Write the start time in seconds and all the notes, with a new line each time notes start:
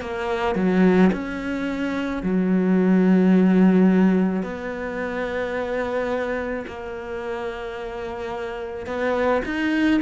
0.00 A#3
0.55 F#3
1.12 C#4
2.22 F#3
4.42 B3
6.67 A#3
8.86 B3
9.45 D#4